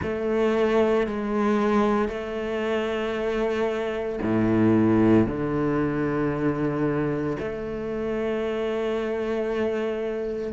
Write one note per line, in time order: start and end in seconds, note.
0.02 1.07 A3
1.07 2.08 G#3
2.08 4.19 A3
4.22 5.26 A2
5.26 7.36 D3
7.39 10.52 A3